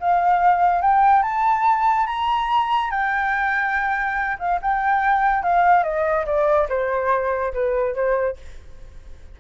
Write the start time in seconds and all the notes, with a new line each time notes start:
0.00 F5
0.82 G5
1.23 A5
2.07 A#5
2.91 G5
4.39 F5
4.62 G5
5.43 F5
5.83 D#5
6.26 D5
6.69 C5
7.53 B4
7.95 C5